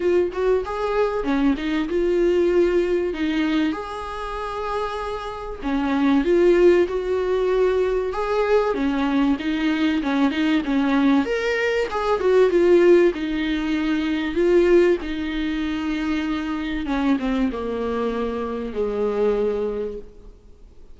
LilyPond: \new Staff \with { instrumentName = "viola" } { \time 4/4 \tempo 4 = 96 f'8 fis'8 gis'4 cis'8 dis'8 f'4~ | f'4 dis'4 gis'2~ | gis'4 cis'4 f'4 fis'4~ | fis'4 gis'4 cis'4 dis'4 |
cis'8 dis'8 cis'4 ais'4 gis'8 fis'8 | f'4 dis'2 f'4 | dis'2. cis'8 c'8 | ais2 gis2 | }